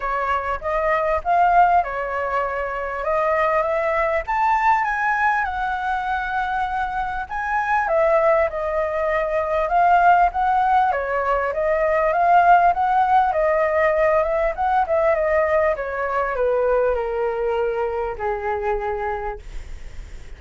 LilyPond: \new Staff \with { instrumentName = "flute" } { \time 4/4 \tempo 4 = 99 cis''4 dis''4 f''4 cis''4~ | cis''4 dis''4 e''4 a''4 | gis''4 fis''2. | gis''4 e''4 dis''2 |
f''4 fis''4 cis''4 dis''4 | f''4 fis''4 dis''4. e''8 | fis''8 e''8 dis''4 cis''4 b'4 | ais'2 gis'2 | }